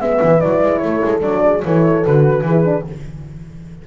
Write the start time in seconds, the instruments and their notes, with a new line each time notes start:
0.00 double bass G#3, horn B3 B4, flute E5
0.23 double bass E3
0.40 double bass F#3, horn E4, flute D5
0.63 double bass G#3
0.78 double bass A3, horn A4, flute C#5
1.05 double bass G#3
1.22 double bass F#3, horn D4, flute D5
1.44 horn G#4
1.64 double bass E3, horn E4 A4, flute C#5
2.06 double bass D3, horn F#4, flute B4
2.42 double bass E3, horn G#4
2.51 horn E4
2.65 horn D4